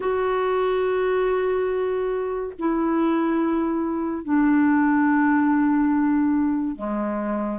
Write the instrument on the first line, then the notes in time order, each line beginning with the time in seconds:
clarinet
0.00 F#4
2.58 E4
4.23 D4
6.75 G#3